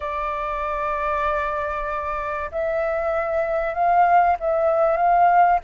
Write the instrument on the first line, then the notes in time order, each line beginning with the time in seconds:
flute
0.00 D5
2.51 E5
3.74 F5
4.39 E5
4.97 F5